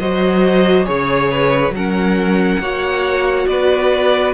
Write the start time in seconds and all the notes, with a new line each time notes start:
0.00 F#3 F#4 C5 D#5
0.85 C#3 G#4 C#5
1.31 B4
1.70 F#3 A#4 F#5
1.77 C#4
2.60 A#3 F#4 C#5
3.47 B3 B4 D5